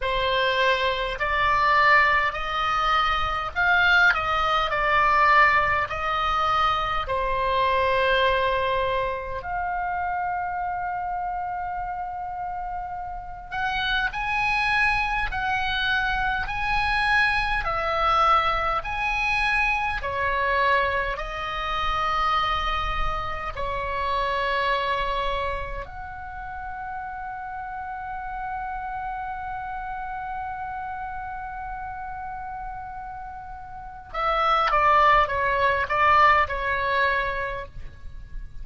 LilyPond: \new Staff \with { instrumentName = "oboe" } { \time 4/4 \tempo 4 = 51 c''4 d''4 dis''4 f''8 dis''8 | d''4 dis''4 c''2 | f''2.~ f''8 fis''8 | gis''4 fis''4 gis''4 e''4 |
gis''4 cis''4 dis''2 | cis''2 fis''2~ | fis''1~ | fis''4 e''8 d''8 cis''8 d''8 cis''4 | }